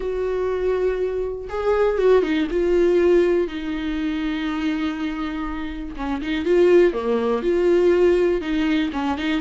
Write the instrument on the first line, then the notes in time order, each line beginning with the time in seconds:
viola
0.00 F#4
1.49 G#4
1.98 F#4
2.22 D#4
2.50 F4
3.47 D#4
5.96 C#4
6.21 D#4
6.45 F4
6.93 A#3
7.42 F4
8.41 D#4
8.93 C#4
9.17 D#4